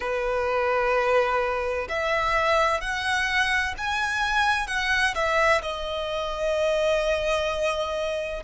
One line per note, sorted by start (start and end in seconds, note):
0.00 1.87 B4
1.88 2.80 E5
2.80 3.74 F#5
3.78 4.67 G#5
4.67 5.14 F#5
5.14 5.61 E5
5.62 8.43 D#5